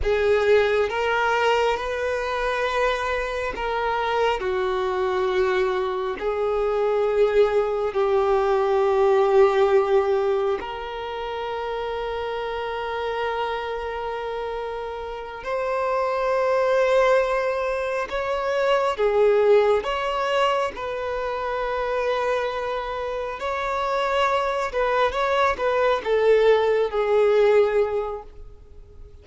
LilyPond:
\new Staff \with { instrumentName = "violin" } { \time 4/4 \tempo 4 = 68 gis'4 ais'4 b'2 | ais'4 fis'2 gis'4~ | gis'4 g'2. | ais'1~ |
ais'4. c''2~ c''8~ | c''8 cis''4 gis'4 cis''4 b'8~ | b'2~ b'8 cis''4. | b'8 cis''8 b'8 a'4 gis'4. | }